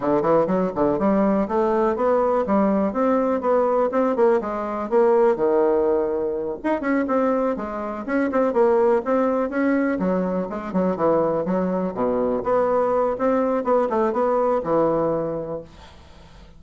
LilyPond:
\new Staff \with { instrumentName = "bassoon" } { \time 4/4 \tempo 4 = 123 d8 e8 fis8 d8 g4 a4 | b4 g4 c'4 b4 | c'8 ais8 gis4 ais4 dis4~ | dis4. dis'8 cis'8 c'4 gis8~ |
gis8 cis'8 c'8 ais4 c'4 cis'8~ | cis'8 fis4 gis8 fis8 e4 fis8~ | fis8 b,4 b4. c'4 | b8 a8 b4 e2 | }